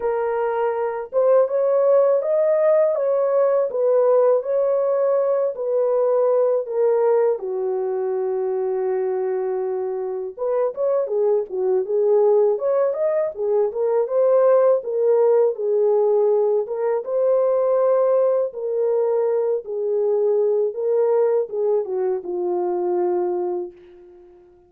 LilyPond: \new Staff \with { instrumentName = "horn" } { \time 4/4 \tempo 4 = 81 ais'4. c''8 cis''4 dis''4 | cis''4 b'4 cis''4. b'8~ | b'4 ais'4 fis'2~ | fis'2 b'8 cis''8 gis'8 fis'8 |
gis'4 cis''8 dis''8 gis'8 ais'8 c''4 | ais'4 gis'4. ais'8 c''4~ | c''4 ais'4. gis'4. | ais'4 gis'8 fis'8 f'2 | }